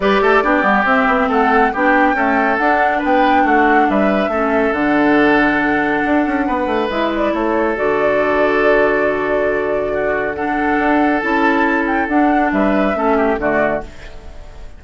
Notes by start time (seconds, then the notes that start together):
0.00 G3 G4 B4 D5
0.21 A3 A4
0.43 B3 D4 G4
0.62 G3 B3
0.84 C4 E5
1.07 B3
1.28 A3 A4 F#5
1.72 B3 D4 G4 G5
2.13 A3 C#4 A4
2.57 D4 F#5
2.98 B3 B4
3.04 G5
3.44 A3 F#4 F#5
3.89 G3 B4 E5
4.27 A3 C#4 A4
4.72 D3 D4 F#5
6.05 D4
6.26 C#4
6.46 B3 B4
6.66 A3
6.89 G#3 E4 E5
7.16 D5
7.33 A3 A4 C#5
7.75 D3 F#4 D5
9.93 F#4
10.34 D4 A4 F#5
10.78 D4
11.19 C#4 E4 A5
11.87 G5
12.08 D4 F#5
12.51 G3 B4 E5
12.94 A3 C#4 A4
13.17 G4
13.37 D3 A3 F#4 D5